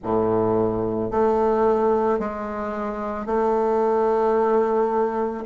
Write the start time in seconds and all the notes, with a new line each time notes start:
0.03 A2
1.11 A3
2.19 G#3
3.26 A3